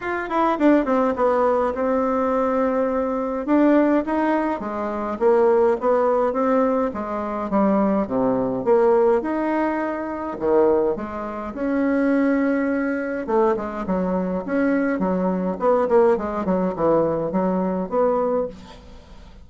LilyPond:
\new Staff \with { instrumentName = "bassoon" } { \time 4/4 \tempo 4 = 104 f'8 e'8 d'8 c'8 b4 c'4~ | c'2 d'4 dis'4 | gis4 ais4 b4 c'4 | gis4 g4 c4 ais4 |
dis'2 dis4 gis4 | cis'2. a8 gis8 | fis4 cis'4 fis4 b8 ais8 | gis8 fis8 e4 fis4 b4 | }